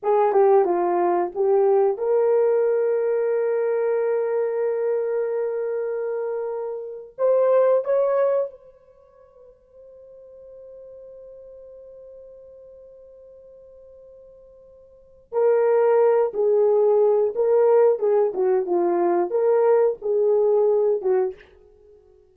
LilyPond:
\new Staff \with { instrumentName = "horn" } { \time 4/4 \tempo 4 = 90 gis'8 g'8 f'4 g'4 ais'4~ | ais'1~ | ais'2~ ais'8. c''4 cis''16~ | cis''8. c''2.~ c''16~ |
c''1~ | c''2. ais'4~ | ais'8 gis'4. ais'4 gis'8 fis'8 | f'4 ais'4 gis'4. fis'8 | }